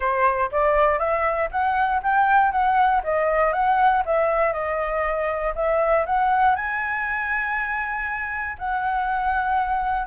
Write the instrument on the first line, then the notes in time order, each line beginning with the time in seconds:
flute
0.00 C5
0.51 D5
0.98 E5
1.51 F#5
2.02 G5
2.51 F#5
3.03 D#5
3.52 F#5
4.05 E5
4.52 D#5
5.55 E5
6.06 F#5
6.55 G#5
8.58 F#5